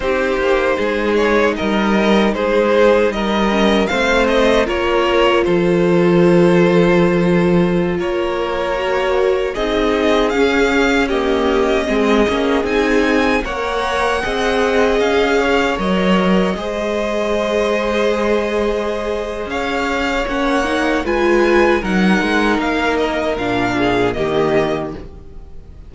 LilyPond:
<<
  \new Staff \with { instrumentName = "violin" } { \time 4/4 \tempo 4 = 77 c''4. cis''8 dis''4 c''4 | dis''4 f''8 dis''8 cis''4 c''4~ | c''2~ c''16 cis''4.~ cis''16~ | cis''16 dis''4 f''4 dis''4.~ dis''16~ |
dis''16 gis''4 fis''2 f''8.~ | f''16 dis''2.~ dis''8.~ | dis''4 f''4 fis''4 gis''4 | fis''4 f''8 dis''8 f''4 dis''4 | }
  \new Staff \with { instrumentName = "violin" } { \time 4/4 g'4 gis'4 ais'4 gis'4 | ais'4 c''4 ais'4 a'4~ | a'2~ a'16 ais'4.~ ais'16~ | ais'16 gis'2 g'4 gis'8.~ |
gis'4~ gis'16 cis''4 dis''4. cis''16~ | cis''4~ cis''16 c''2~ c''8.~ | c''4 cis''2 b'4 | ais'2~ ais'8 gis'8 g'4 | }
  \new Staff \with { instrumentName = "viola" } { \time 4/4 dis'1~ | dis'8 cis'8 c'4 f'2~ | f'2.~ f'16 fis'8.~ | fis'16 dis'4 cis'4 ais4 c'8 cis'16~ |
cis'16 dis'4 ais'4 gis'4.~ gis'16~ | gis'16 ais'4 gis'2~ gis'8.~ | gis'2 cis'8 dis'8 f'4 | dis'2 d'4 ais4 | }
  \new Staff \with { instrumentName = "cello" } { \time 4/4 c'8 ais8 gis4 g4 gis4 | g4 a4 ais4 f4~ | f2~ f16 ais4.~ ais16~ | ais16 c'4 cis'2 gis8 ais16~ |
ais16 c'4 ais4 c'4 cis'8.~ | cis'16 fis4 gis2~ gis8.~ | gis4 cis'4 ais4 gis4 | fis8 gis8 ais4 ais,4 dis4 | }
>>